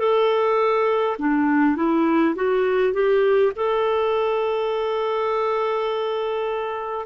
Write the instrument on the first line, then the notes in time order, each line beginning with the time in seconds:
clarinet
0.00 A4
1.19 D4
1.76 E4
2.36 F#4
2.94 G4
3.57 A4